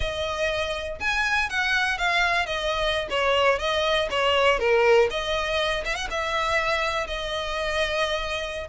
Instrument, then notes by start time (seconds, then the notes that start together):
violin
0.00 D#5
1.00 G#5
1.49 F#5
1.98 F5
2.46 D#5
3.09 C#5
3.59 D#5
4.10 C#5
4.59 A#4
5.10 D#5
5.84 E5
5.95 F#5
6.10 E5
7.06 D#5